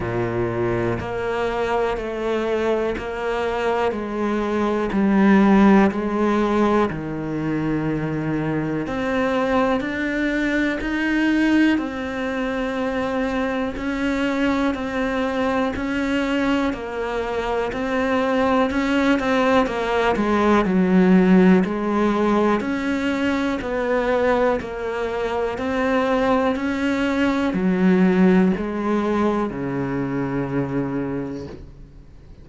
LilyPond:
\new Staff \with { instrumentName = "cello" } { \time 4/4 \tempo 4 = 61 ais,4 ais4 a4 ais4 | gis4 g4 gis4 dis4~ | dis4 c'4 d'4 dis'4 | c'2 cis'4 c'4 |
cis'4 ais4 c'4 cis'8 c'8 | ais8 gis8 fis4 gis4 cis'4 | b4 ais4 c'4 cis'4 | fis4 gis4 cis2 | }